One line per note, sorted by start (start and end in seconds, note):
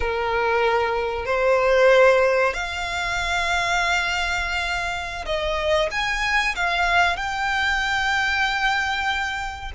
0.00 1.25 A#4
1.25 2.53 C5
2.53 5.25 F5
5.25 5.89 D#5
5.91 6.55 G#5
6.55 7.16 F5
7.16 9.71 G5